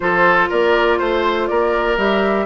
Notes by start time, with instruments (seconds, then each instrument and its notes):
0.00 bassoon F3, clarinet F4, oboe A4, flute C5
0.49 bassoon A#3, oboe A#4, flute D5
0.98 bassoon A3, flute C5, oboe C5
1.47 bassoon A#3, oboe A#4, flute D5
1.97 bassoon G3, clarinet G4, flute E5